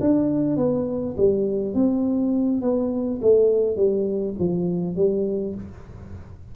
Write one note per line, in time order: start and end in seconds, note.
0.00 0.56 D4
0.56 1.15 B3
1.17 1.74 G3
1.74 2.61 C4
2.61 3.20 B3
3.22 3.76 A3
3.76 4.35 G3
4.39 4.96 F3
4.96 5.55 G3